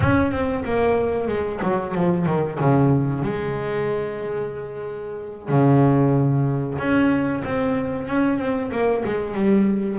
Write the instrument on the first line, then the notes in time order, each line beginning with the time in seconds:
double bass
0.00 C#4
0.31 C4
0.64 A#3
1.27 G#3
1.62 F#3
1.94 F3
2.26 D#3
2.60 C#3
3.23 G#3
5.48 C#3
6.78 C#4
7.44 C4
8.07 C#4
8.38 C4
8.71 A#3
9.04 G#3
9.34 G3